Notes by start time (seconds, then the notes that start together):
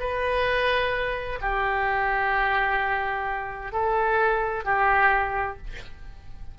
0.00 B4
1.41 G4
3.72 A4
4.65 G4